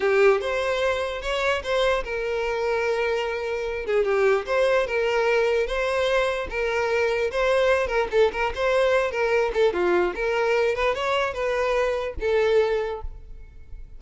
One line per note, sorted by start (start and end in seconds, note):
0.00 0.40 G4
0.40 1.21 C5
1.21 1.62 C#5
1.63 2.03 C5
2.04 3.86 A#4
3.86 4.04 G#4
4.04 4.45 G4
4.46 4.86 C5
4.86 5.66 A#4
5.66 6.47 C5
6.50 7.31 A#4
7.31 7.87 C5
7.87 8.07 A#4
8.11 8.31 A4
8.32 8.52 A#4
8.55 9.11 C5
9.11 9.51 A#4
9.53 9.73 A4
9.73 10.13 F4
10.15 10.75 A#4
10.75 10.95 B4
10.95 11.33 C#5
11.33 12.14 B4
12.20 13.01 A4